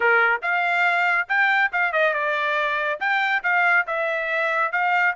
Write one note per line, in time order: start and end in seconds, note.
0.00 0.41 A#4
0.42 1.27 F5
1.28 1.71 G5
1.72 1.92 F5
1.92 2.13 D#5
2.13 2.99 D5
3.00 3.43 G5
3.43 3.86 F5
3.86 4.72 E5
4.72 5.15 F5